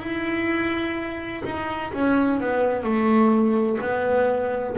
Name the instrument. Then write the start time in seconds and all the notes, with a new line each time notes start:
double bass
0.00 E4
1.45 D#4
1.94 C#4
2.41 B3
2.84 A3
3.81 B3